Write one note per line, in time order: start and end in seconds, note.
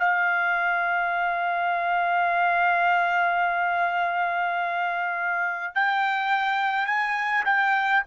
0.00 5.75 F5
5.75 6.87 G5
6.87 7.44 G#5
7.46 8.03 G5